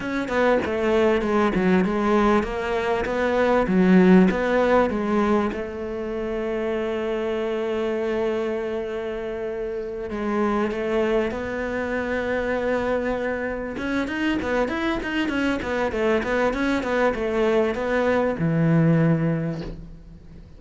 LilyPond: \new Staff \with { instrumentName = "cello" } { \time 4/4 \tempo 4 = 98 cis'8 b8 a4 gis8 fis8 gis4 | ais4 b4 fis4 b4 | gis4 a2.~ | a1~ |
a8 gis4 a4 b4.~ | b2~ b8 cis'8 dis'8 b8 | e'8 dis'8 cis'8 b8 a8 b8 cis'8 b8 | a4 b4 e2 | }